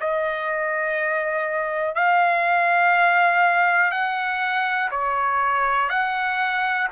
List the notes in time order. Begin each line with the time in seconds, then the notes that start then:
0.00 D#5
1.95 F5
3.91 F#5
4.90 C#5
5.89 F#5